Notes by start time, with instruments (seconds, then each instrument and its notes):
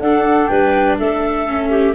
0.00 tuba D4, viola D4, clarinet A4, flute F#5
0.47 tuba G3, clarinet B4, flute G5
0.99 tuba A3, clarinet A4, flute E5
1.47 viola C#4
1.70 clarinet G4